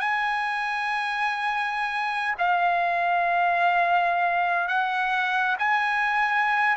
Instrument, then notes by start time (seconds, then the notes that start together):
trumpet
0.00 G#5
2.39 F5
4.68 F#5
5.59 G#5